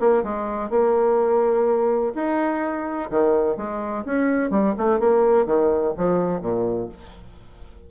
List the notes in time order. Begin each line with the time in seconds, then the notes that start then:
0.00 A#3
0.23 G#3
0.70 A#3
2.15 D#4
3.11 D#3
3.57 G#3
4.05 C#4
4.51 G3
4.78 A3
5.00 A#3
5.46 D#3
5.98 F3
6.41 A#2